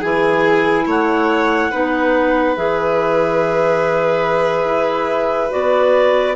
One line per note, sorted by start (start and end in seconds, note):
0.00 0.86 E3
0.00 1.71 E4
0.00 0.85 G#4
0.00 0.86 G#5
0.86 1.71 A3
0.86 1.71 C#5
0.86 2.56 F#5
1.71 2.57 B3
1.71 2.56 D#4
1.71 6.36 B4
2.56 4.64 E3
2.56 5.50 G#4
2.56 5.52 E5
4.64 5.49 E4
5.50 6.36 B3
5.50 6.34 F#4
5.50 6.36 D5